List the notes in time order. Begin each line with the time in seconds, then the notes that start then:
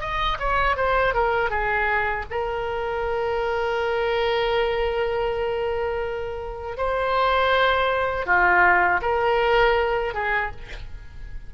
0.00 D#5
0.39 C#5
0.76 C5
1.14 A#4
1.50 G#4
2.30 A#4
6.77 C5
8.25 F4
9.01 A#4
10.14 G#4